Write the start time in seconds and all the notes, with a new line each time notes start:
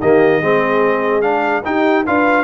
0.00 D#3 A#3 G4 D#5
0.40 G#3 C4 G#4
1.21 D4 F5
1.64 D#4 G4 G5
2.06 D4 F4 B4 F5